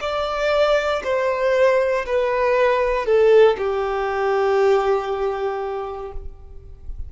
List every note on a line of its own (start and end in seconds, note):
0.00 1.02 D5
1.03 2.05 C5
2.05 3.06 B4
3.06 3.56 A4
3.57 6.12 G4